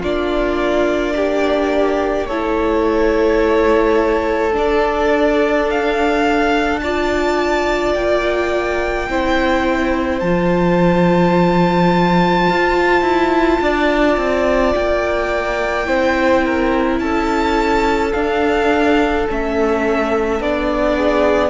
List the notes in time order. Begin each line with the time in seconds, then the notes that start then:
0.00 A#3 D4 F4 D5
1.16 G4
2.27 A3 E4 A4 C#5
4.52 D4 D5
5.71 F5
6.80 F4 D5 A5
7.95 A#3 G5
9.09 C4 E4 C5
10.20 F3 F4 A5
12.50 F4
13.02 E4
13.61 D4 D5
14.17 C4
14.75 A#3 G5
15.85 C4 E4 C5
16.45 A#4
17.00 C#4 A4 A5
18.13 D4 F5
19.29 A3 C#4 E5
20.40 B3 D4 D5
20.97 G#4